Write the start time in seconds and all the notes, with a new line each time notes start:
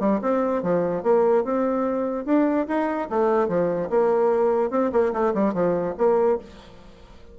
0.00 G3
0.21 C4
0.63 F3
1.03 A#3
1.44 C4
2.25 D4
2.68 D#4
3.10 A3
3.48 F3
3.90 A#3
4.71 C4
4.92 A#3
5.13 A3
5.34 G3
5.54 F3
5.98 A#3